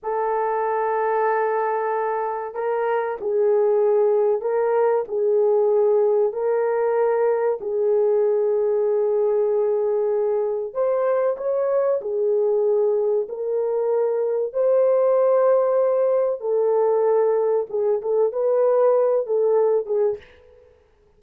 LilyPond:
\new Staff \with { instrumentName = "horn" } { \time 4/4 \tempo 4 = 95 a'1 | ais'4 gis'2 ais'4 | gis'2 ais'2 | gis'1~ |
gis'4 c''4 cis''4 gis'4~ | gis'4 ais'2 c''4~ | c''2 a'2 | gis'8 a'8 b'4. a'4 gis'8 | }